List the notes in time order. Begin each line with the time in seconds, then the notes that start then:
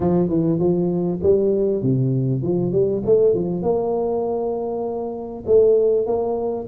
0.00 F3
0.28 E3
0.59 F3
1.22 G3
1.82 C3
2.42 F3
2.72 G3
3.05 A3
3.34 F3
3.62 A#3
5.46 A3
6.06 A#3